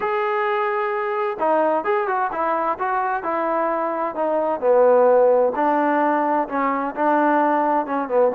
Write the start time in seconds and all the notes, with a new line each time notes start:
0.00 G#4
1.39 D#4
1.84 G#4
2.07 F#4
2.32 E4
2.78 F#4
3.23 E4
4.15 D#4
4.60 B3
5.55 D4
6.48 C#4
6.95 D4
7.86 C#4
8.08 B3